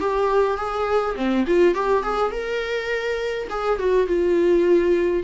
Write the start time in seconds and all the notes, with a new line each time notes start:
0.00 G4
0.57 G#4
1.16 C4
1.47 F4
1.75 G4
2.03 G#4
2.31 A#4
3.50 G#4
3.79 F#4
4.07 F4